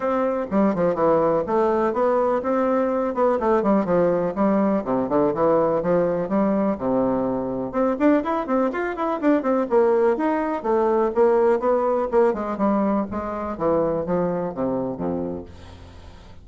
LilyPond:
\new Staff \with { instrumentName = "bassoon" } { \time 4/4 \tempo 4 = 124 c'4 g8 f8 e4 a4 | b4 c'4. b8 a8 g8 | f4 g4 c8 d8 e4 | f4 g4 c2 |
c'8 d'8 e'8 c'8 f'8 e'8 d'8 c'8 | ais4 dis'4 a4 ais4 | b4 ais8 gis8 g4 gis4 | e4 f4 c4 f,4 | }